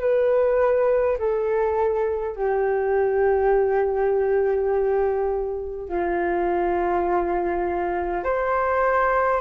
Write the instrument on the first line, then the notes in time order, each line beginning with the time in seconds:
flute
0.00 B4
1.18 A4
2.36 G4
5.89 F4
8.24 C5